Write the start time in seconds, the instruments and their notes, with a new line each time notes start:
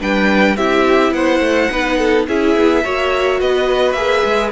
0.00 cello G3, viola D4, violin B4 G5
0.57 cello C4, viola E4, violin G4 E5
1.12 cello B3, violin C5 F#5
1.40 cello A3
1.71 cello B3, viola D#4, violin B4
1.98 violin A4
2.28 cello C#4, viola E4, violin G#4 E5
2.56 cello B3
2.84 cello A#3, viola F#4, violin C#5
3.40 cello B3, violin B4 D#5
3.92 cello A#3, viola G#4, violin E5
4.25 cello G#3